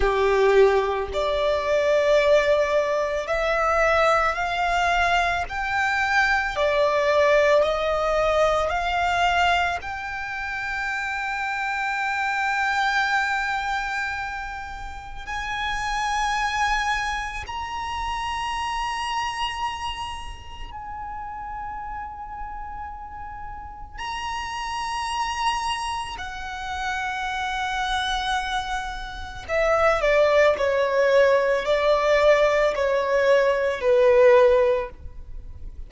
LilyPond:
\new Staff \with { instrumentName = "violin" } { \time 4/4 \tempo 4 = 55 g'4 d''2 e''4 | f''4 g''4 d''4 dis''4 | f''4 g''2.~ | g''2 gis''2 |
ais''2. gis''4~ | gis''2 ais''2 | fis''2. e''8 d''8 | cis''4 d''4 cis''4 b'4 | }